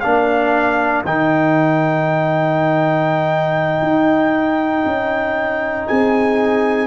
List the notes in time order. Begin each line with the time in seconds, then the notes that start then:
0.00 A#3 D4 A#4 F5
1.05 D#3 D#4 G5
3.82 D#4
4.85 C#4
5.87 C4 G#4 G#5